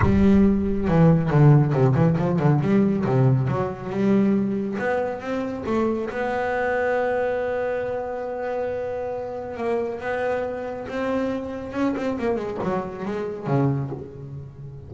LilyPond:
\new Staff \with { instrumentName = "double bass" } { \time 4/4 \tempo 4 = 138 g2 e4 d4 | c8 e8 f8 d8 g4 c4 | fis4 g2 b4 | c'4 a4 b2~ |
b1~ | b2 ais4 b4~ | b4 c'2 cis'8 c'8 | ais8 gis8 fis4 gis4 cis4 | }